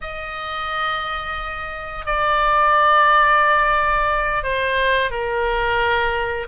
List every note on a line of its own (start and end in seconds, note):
0.01 2.05 D#5
2.05 4.43 D5
4.43 5.10 C5
5.10 6.47 A#4